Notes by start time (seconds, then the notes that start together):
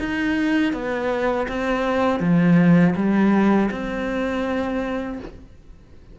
0.00 D#4
0.73 B3
1.48 C4
2.20 F3
2.96 G3
3.71 C4